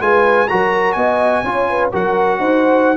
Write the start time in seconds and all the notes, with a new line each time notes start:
0.00 G#3 F4 B4 G#5
0.48 F#3 F#4 A#4 A#5
0.92 B3 D#5 G#5
1.43 C#4 F4 C#5
1.69 B4
1.92 F#3 F#4 A#4 F#5
2.39 D#4 C5